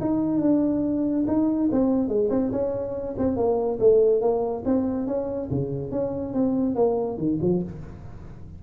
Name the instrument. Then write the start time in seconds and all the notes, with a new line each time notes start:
tuba
0.00 D#4
0.41 D4
1.27 D#4
1.71 C4
2.08 G#3
2.30 C4
2.51 C#4
3.18 C4
3.36 A#3
3.79 A3
4.21 A#3
4.65 C4
5.06 C#4
5.50 C#3
5.91 C#4
6.33 C4
6.75 A#3
7.17 D#3
7.41 F3